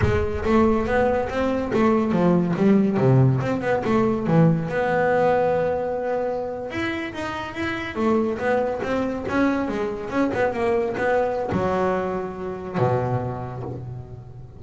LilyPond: \new Staff \with { instrumentName = "double bass" } { \time 4/4 \tempo 4 = 141 gis4 a4 b4 c'4 | a4 f4 g4 c4 | c'8 b8 a4 e4 b4~ | b2.~ b8. e'16~ |
e'8. dis'4 e'4 a4 b16~ | b8. c'4 cis'4 gis4 cis'16~ | cis'16 b8 ais4 b4~ b16 fis4~ | fis2 b,2 | }